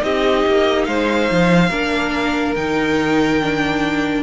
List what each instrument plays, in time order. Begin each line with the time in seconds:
0.00 cello C4, viola D#4, violin G4 D#5
0.46 cello A#3
0.85 cello G#3, violin C5 F5
1.31 cello F3
1.70 cello A#3, viola D4, violin A#4
2.55 cello D#3, viola D#4, violin G5
3.42 viola D4